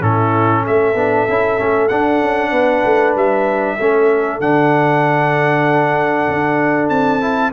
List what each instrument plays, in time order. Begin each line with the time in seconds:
0.00 tuba A2, trombone C#4, horn E4, trumpet A4
0.63 tuba A3, horn A4, trumpet E5
0.94 tuba B3, trombone D4
1.28 tuba C#4, trombone E4
1.58 tuba A3, trombone C#4
1.88 tuba D4, trombone D4, trumpet F#5
2.21 tuba C#4
2.49 tuba B3, horn B4
2.85 tuba A3
3.15 tuba G3, trumpet E5
3.77 tuba A3, trombone C#4, horn A4
4.40 tuba D3, trombone D4, trumpet F#5
6.28 tuba D4
6.89 tuba C4, trumpet A5
7.21 trombone E4